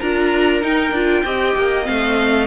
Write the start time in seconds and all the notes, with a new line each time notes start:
0.00 D4 F4 A#4 A#5
0.62 D#4 G5
0.92 D4 F4
1.25 C4 G4 D#5
1.57 A#3
1.83 C4 F5
1.89 A3